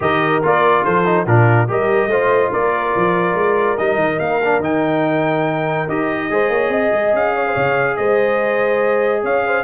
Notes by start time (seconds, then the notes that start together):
0.00 D#3 G4 A#4 D#5
0.43 A#3 F4 D5
0.84 F3 A4 C5
1.05 D#4
1.26 A#2 D4 F4 A#4
1.67 G3 G4 A#4 D#5
2.06 A3 F4 C5
2.51 A#3 A#4 D5
2.95 F3
3.34 G#3
3.77 G3 D#4 D#5
3.95 D#3
4.19 A#3 F5
4.43 D4
4.59 D#3 D#4 G5
5.88 D#4 G4 D#5
6.30 G#3 G#4 C5
6.49 A#3 C#5
6.68 C4 D#5
6.92 G#3
7.13 C#4 F5
7.35 C#5
7.47 C5
7.53 C#3 C#5
7.96 G#3 C5 D#5
9.22 C#4 C#5 F5
9.45 C5